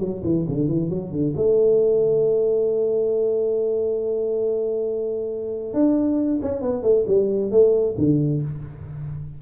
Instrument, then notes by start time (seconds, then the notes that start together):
tuba
0.00 F#3
0.24 E3
0.48 D3
0.68 E3
0.90 F#3
1.12 D3
1.37 A3
5.74 D4
6.42 C#4
6.62 B3
6.83 A3
7.07 G3
7.51 A3
7.98 D3